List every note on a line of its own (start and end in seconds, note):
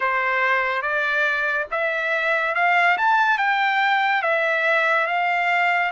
0.00 0.82 C5
0.82 1.66 D5
1.71 2.55 E5
2.55 2.97 F5
2.97 3.38 A5
3.38 4.22 G5
4.22 5.06 E5
5.07 5.91 F5